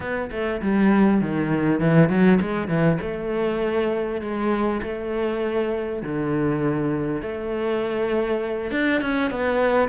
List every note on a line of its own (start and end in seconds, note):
0.00 0.30 B3
0.31 0.61 A3
0.61 1.21 G3
1.21 1.79 D#3
1.79 2.09 E3
2.09 2.39 F#3
2.40 2.68 G#3
2.68 2.98 E3
3.01 4.21 A3
4.21 4.81 G#3
4.82 6.02 A3
6.02 7.22 D3
7.22 8.71 A3
8.71 9.01 D4
9.01 9.30 C#4
9.30 9.88 B3